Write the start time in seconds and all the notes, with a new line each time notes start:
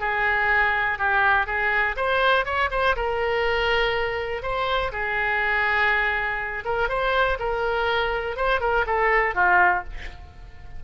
0.00 G#4
0.98 G4
1.46 G#4
1.96 C5
2.45 C#5
2.71 C5
2.96 A#4
4.42 C5
4.92 G#4
6.65 A#4
6.89 C5
7.39 A#4
8.36 C5
8.60 A#4
8.86 A4
9.35 F4